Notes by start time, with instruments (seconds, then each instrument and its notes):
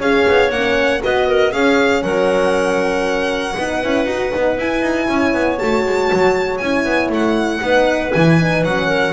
0.00 double bass C#4, horn G#4, clarinet C#5, violin F5
0.28 double bass B3
0.51 double bass A#3, horn C#4, violin F#5
1.01 double bass B3, horn F#4, clarinet B4, violin D#5
1.28 clarinet A#4
1.52 horn C#4, double bass C#4, clarinet G#4, violin F5
2.03 double bass F#3, clarinet A#4, violin F#5
3.57 double bass B3, horn D#4, clarinet B4
3.83 double bass C#4, horn E4
4.06 double bass D#4, horn F#4
4.32 double bass B3, horn D#4
4.58 double bass E4, horn E4, violin G#5
4.82 double bass D#4
5.08 double bass C#4, clarinet C#5
5.34 double bass B3
5.59 double bass A3, horn F#4, violin A5
5.86 double bass G#3
6.13 double bass F#3
6.58 double bass C#4, horn E4, violin G#5
6.85 double bass B3
7.09 double bass A3, violin F#5
7.61 double bass B3, horn D#4, clarinet B4
8.13 double bass E3, horn E4, violin G#5
8.40 horn D#4
8.64 double bass F#3, horn C#4, violin F#5
8.87 clarinet A#4